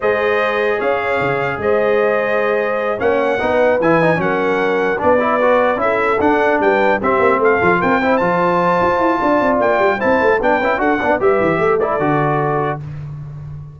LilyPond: <<
  \new Staff \with { instrumentName = "trumpet" } { \time 4/4 \tempo 4 = 150 dis''2 f''2 | dis''2.~ dis''8 fis''8~ | fis''4. gis''4 fis''4.~ | fis''8 d''2 e''4 fis''8~ |
fis''8 g''4 e''4 f''4 g''8~ | g''8 a''2.~ a''8 | g''4 a''4 g''4 fis''4 | e''4. d''2~ d''8 | }
  \new Staff \with { instrumentName = "horn" } { \time 4/4 c''2 cis''2 | c''2.~ c''8 cis''8~ | cis''8 b'2 ais'4.~ | ais'8 b'2 a'4.~ |
a'8 b'4 g'4 a'4 ais'8 | c''2. d''4~ | d''4 c''4 b'4 a'8 d''8 | b'4 a'2. | }
  \new Staff \with { instrumentName = "trombone" } { \time 4/4 gis'1~ | gis'2.~ gis'8 cis'8~ | cis'8 dis'4 e'8 dis'8 cis'4.~ | cis'8 d'8 e'8 fis'4 e'4 d'8~ |
d'4. c'4. f'4 | e'8 f'2.~ f'8~ | f'4 e'4 d'8 e'8 fis'8 d'8 | g'4. e'8 fis'2 | }
  \new Staff \with { instrumentName = "tuba" } { \time 4/4 gis2 cis'4 cis4 | gis2.~ gis8 ais8~ | ais8 b4 e4 fis4.~ | fis8 b2 cis'4 d'8~ |
d'8 g4 c'8 ais8 a8 f8 c'8~ | c'8 f4. f'8 e'8 d'8 c'8 | ais8 g8 c'8 a8 b8 cis'8 d'8 b8 | g8 e8 a4 d2 | }
>>